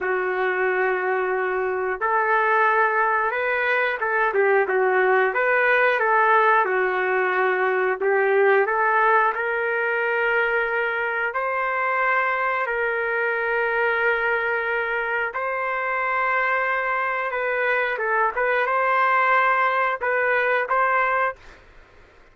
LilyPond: \new Staff \with { instrumentName = "trumpet" } { \time 4/4 \tempo 4 = 90 fis'2. a'4~ | a'4 b'4 a'8 g'8 fis'4 | b'4 a'4 fis'2 | g'4 a'4 ais'2~ |
ais'4 c''2 ais'4~ | ais'2. c''4~ | c''2 b'4 a'8 b'8 | c''2 b'4 c''4 | }